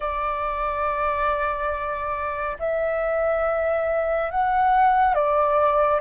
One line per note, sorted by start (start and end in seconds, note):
0.00 2.57 D5
2.59 4.31 E5
4.31 5.14 F#5
5.14 6.00 D5